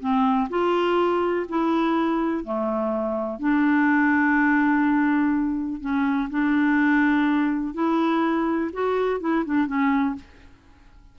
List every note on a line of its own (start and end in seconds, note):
0.00 0.48 C4
0.49 1.46 F4
1.49 2.44 E4
2.44 3.39 A3
3.39 5.81 D4
5.81 6.29 C#4
6.30 7.74 D4
7.74 8.71 E4
8.73 9.20 F#4
9.20 9.44 E4
9.45 9.67 D4
9.67 10.15 C#4